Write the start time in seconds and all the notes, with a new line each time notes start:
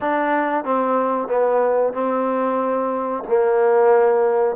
0.00 D4
0.64 C4
1.27 B3
1.93 C4
3.28 A#3